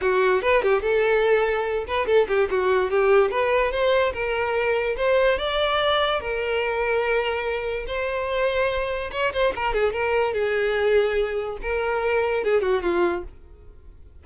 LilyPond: \new Staff \with { instrumentName = "violin" } { \time 4/4 \tempo 4 = 145 fis'4 b'8 g'8 a'2~ | a'8 b'8 a'8 g'8 fis'4 g'4 | b'4 c''4 ais'2 | c''4 d''2 ais'4~ |
ais'2. c''4~ | c''2 cis''8 c''8 ais'8 gis'8 | ais'4 gis'2. | ais'2 gis'8 fis'8 f'4 | }